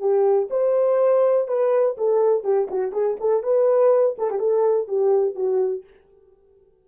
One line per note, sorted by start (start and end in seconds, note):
0.00 0.49 G4
0.51 1.48 C5
1.48 1.97 B4
1.98 2.44 A4
2.44 2.68 G4
2.71 2.92 F#4
2.92 3.17 G#4
3.20 3.43 A4
3.43 4.16 B4
4.18 4.30 A4
4.30 4.39 G4
4.39 4.88 A4
4.88 5.35 G4
5.35 5.84 F#4